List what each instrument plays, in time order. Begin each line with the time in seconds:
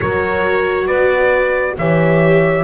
0.00 double bass F#3, viola F#4, horn A#4, trumpet C#5
0.86 double bass B3, horn B4, trumpet D5
1.78 double bass E3, viola G4, horn C#5, trumpet E5